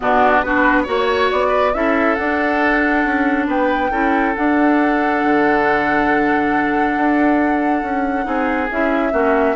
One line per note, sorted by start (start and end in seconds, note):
0.00 0.43 B2
0.00 0.41 B3
0.00 0.45 D4
0.00 0.42 F#4
0.42 0.86 B3
0.42 0.85 D4
0.42 0.82 F#4
0.42 0.85 B4
0.82 1.30 A#3
0.82 1.72 F#4
0.82 1.47 C#5
0.88 1.31 C#5
1.31 1.74 B3
1.31 1.73 D5
1.48 1.70 B4
1.73 2.17 C#4
1.73 2.17 E4
1.73 3.47 A4
1.73 2.14 E5
2.14 3.05 D4
2.14 3.91 D4
2.14 3.45 F#5
3.05 3.46 C#4
3.46 3.90 B3
3.46 3.90 B4
3.46 4.35 G5
3.90 4.34 C#4
3.90 4.35 E4
3.90 8.25 A4
4.35 8.22 D4
4.35 5.23 D4
4.35 8.70 F#5
5.23 6.96 D3
6.96 7.82 D4
7.82 8.25 C#4
8.22 8.69 C4
8.22 8.66 D#4
8.22 9.12 G#4
8.70 9.13 C#4
8.70 9.12 E4
8.70 9.55 E5
9.12 9.55 A#3
9.12 9.55 C#4
9.12 9.55 F#4